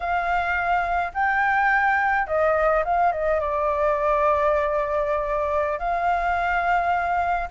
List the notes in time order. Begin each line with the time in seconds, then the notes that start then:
0.00 F5
1.13 G5
2.27 D#5
2.84 F5
3.12 D#5
3.40 D5
5.78 F5